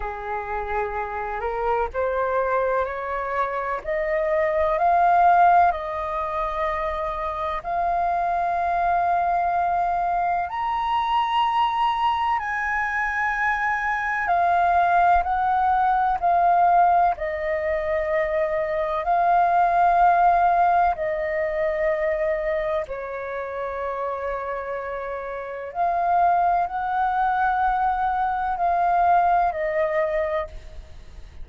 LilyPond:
\new Staff \with { instrumentName = "flute" } { \time 4/4 \tempo 4 = 63 gis'4. ais'8 c''4 cis''4 | dis''4 f''4 dis''2 | f''2. ais''4~ | ais''4 gis''2 f''4 |
fis''4 f''4 dis''2 | f''2 dis''2 | cis''2. f''4 | fis''2 f''4 dis''4 | }